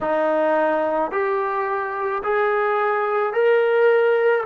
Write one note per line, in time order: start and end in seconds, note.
0.01 1.11 D#4
1.11 2.22 G4
2.23 3.33 G#4
3.33 4.44 A#4